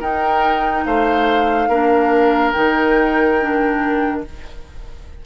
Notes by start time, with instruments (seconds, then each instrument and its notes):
0.00 bassoon D#4, clarinet D#4, oboe A#4, flute G5
0.85 bassoon A3, oboe C5, flute F5
1.68 bassoon A#3, clarinet D4, oboe A#4
2.52 bassoon D#3, clarinet D#4, flute G5
3.41 clarinet D4